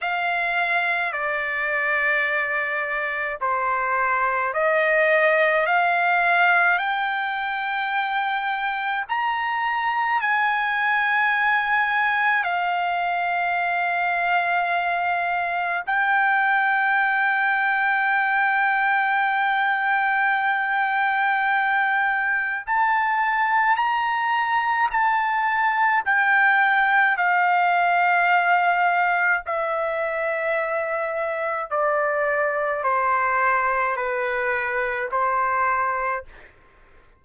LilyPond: \new Staff \with { instrumentName = "trumpet" } { \time 4/4 \tempo 4 = 53 f''4 d''2 c''4 | dis''4 f''4 g''2 | ais''4 gis''2 f''4~ | f''2 g''2~ |
g''1 | a''4 ais''4 a''4 g''4 | f''2 e''2 | d''4 c''4 b'4 c''4 | }